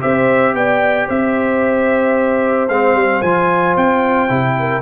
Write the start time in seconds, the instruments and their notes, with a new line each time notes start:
0.00 tuba C4, trombone G4, horn C5, trumpet E5
0.53 tuba B3, horn D5, trumpet G5
1.07 tuba C4, horn C5, trumpet E5
2.68 tuba G#3, trombone C4, trumpet F5
2.94 tuba G3
3.21 tuba F3, trombone F4, trumpet G#5
3.76 tuba C4, trumpet G5
4.28 tuba C3, trombone E4
4.58 horn A#4